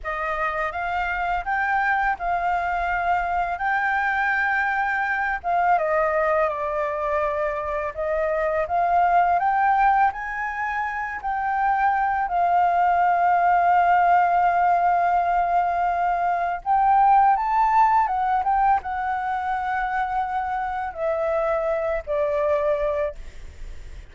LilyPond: \new Staff \with { instrumentName = "flute" } { \time 4/4 \tempo 4 = 83 dis''4 f''4 g''4 f''4~ | f''4 g''2~ g''8 f''8 | dis''4 d''2 dis''4 | f''4 g''4 gis''4. g''8~ |
g''4 f''2.~ | f''2. g''4 | a''4 fis''8 g''8 fis''2~ | fis''4 e''4. d''4. | }